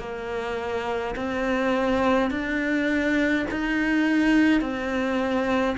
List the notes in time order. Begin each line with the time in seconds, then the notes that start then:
0.00 A#3
1.16 C4
2.31 D4
3.51 D#4
4.61 C4